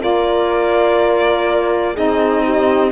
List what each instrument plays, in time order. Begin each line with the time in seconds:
0.00 cello A#3, saxophone F4, horn A#4, violin D5
1.94 cello C4, saxophone D#4, horn G#4, violin D#5
2.45 horn G4